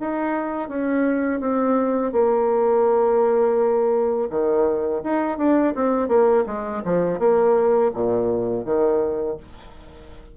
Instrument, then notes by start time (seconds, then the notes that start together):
bassoon
0.00 D#4
0.69 C#4
1.40 C4
2.12 A#3
4.30 D#3
5.04 D#4
5.38 D4
5.75 C4
6.08 A#3
6.46 G#3
6.85 F3
7.19 A#3
7.94 A#2
8.65 D#3